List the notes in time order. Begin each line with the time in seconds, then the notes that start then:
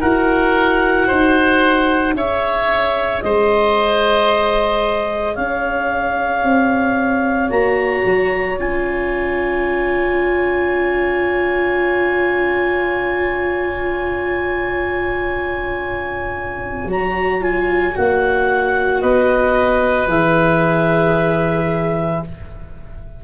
0.00 E4 F#4 A#4 F#5
1.07 D#4 C5
2.13 C#4 G#4 C#5 E5
3.21 G#3 C5 D#5
5.33 C#4 C#5 F5
6.43 C4
7.50 A#3 F#4 A#5
8.05 F#3
8.58 C#4 F4 G#5
16.85 F#3 F#4 A#5
17.41 F4 G#5
17.93 A#3 F#4 F#5
19.01 B3 B4 D#5
20.07 E3 G#4 E5